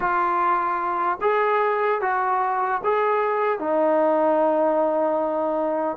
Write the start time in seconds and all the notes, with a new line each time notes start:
0.00 F4
1.21 G#4
2.01 F#4
2.84 G#4
3.59 D#4